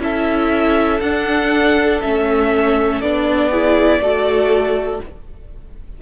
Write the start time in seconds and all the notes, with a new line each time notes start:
0.00 C#4 E4 A4 E5
1.01 D4 F#5
2.01 A3 C#4 E5
3.01 B3 D4 D5
3.50 E4 G#4
4.00 A3 F#4 A4